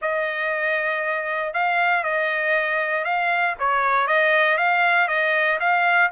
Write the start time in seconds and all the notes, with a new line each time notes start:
0.01 D#5
1.53 F5
2.03 D#5
3.04 F5
3.59 C#5
4.07 D#5
4.57 F5
5.08 D#5
5.59 F5